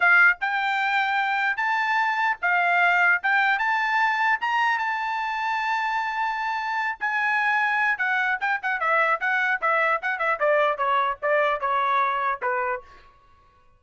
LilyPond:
\new Staff \with { instrumentName = "trumpet" } { \time 4/4 \tempo 4 = 150 f''4 g''2. | a''2 f''2 | g''4 a''2 ais''4 | a''1~ |
a''4. gis''2~ gis''8 | fis''4 g''8 fis''8 e''4 fis''4 | e''4 fis''8 e''8 d''4 cis''4 | d''4 cis''2 b'4 | }